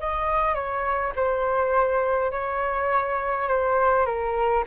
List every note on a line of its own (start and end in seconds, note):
0.00 0.55 D#5
0.55 1.13 C#5
1.16 2.32 C5
2.32 3.48 C#5
3.49 4.06 C5
4.06 4.64 A#4